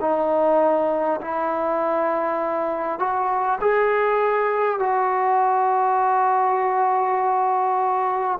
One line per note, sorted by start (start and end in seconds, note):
0.00 1.20 D#4
1.21 2.99 E4
2.99 3.59 F#4
3.60 4.79 G#4
4.79 8.39 F#4